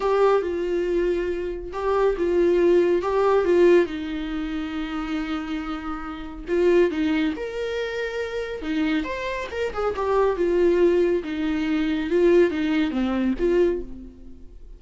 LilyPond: \new Staff \with { instrumentName = "viola" } { \time 4/4 \tempo 4 = 139 g'4 f'2. | g'4 f'2 g'4 | f'4 dis'2.~ | dis'2. f'4 |
dis'4 ais'2. | dis'4 c''4 ais'8 gis'8 g'4 | f'2 dis'2 | f'4 dis'4 c'4 f'4 | }